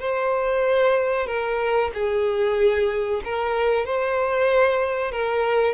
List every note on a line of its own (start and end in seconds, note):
0.00 1.27 C5
1.27 1.91 A#4
1.94 3.22 G#4
3.24 3.86 A#4
3.86 5.12 C5
5.12 5.74 A#4